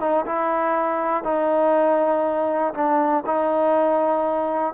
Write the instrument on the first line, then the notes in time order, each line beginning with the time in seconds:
trombone
0.00 D#4
0.26 E4
1.24 D#4
2.74 D4
3.26 D#4